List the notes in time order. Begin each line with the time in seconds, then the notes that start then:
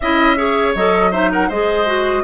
0.00 C#4 E4 D#5 E5
0.37 G#4 C#5
0.74 F#3 A4 D#5
1.11 D#4 C5 E5
1.31 A#4 F#5
1.48 G#3 G#4 C5 D#5
1.86 F#4